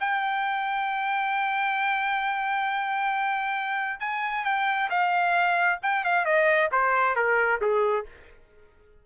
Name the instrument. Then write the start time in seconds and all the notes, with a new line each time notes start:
trumpet
0.00 G5
4.00 G#5
4.45 G5
4.90 F5
5.82 G5
6.04 F5
6.25 D#5
6.71 C5
7.16 A#4
7.61 G#4